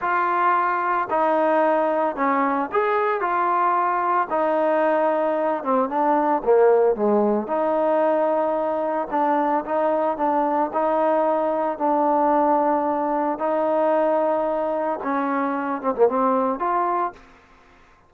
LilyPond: \new Staff \with { instrumentName = "trombone" } { \time 4/4 \tempo 4 = 112 f'2 dis'2 | cis'4 gis'4 f'2 | dis'2~ dis'8 c'8 d'4 | ais4 gis4 dis'2~ |
dis'4 d'4 dis'4 d'4 | dis'2 d'2~ | d'4 dis'2. | cis'4. c'16 ais16 c'4 f'4 | }